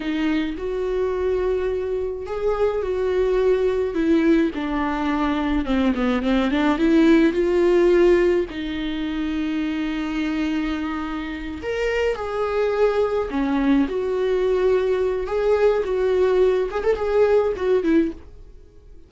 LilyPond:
\new Staff \with { instrumentName = "viola" } { \time 4/4 \tempo 4 = 106 dis'4 fis'2. | gis'4 fis'2 e'4 | d'2 c'8 b8 c'8 d'8 | e'4 f'2 dis'4~ |
dis'1~ | dis'8 ais'4 gis'2 cis'8~ | cis'8 fis'2~ fis'8 gis'4 | fis'4. gis'16 a'16 gis'4 fis'8 e'8 | }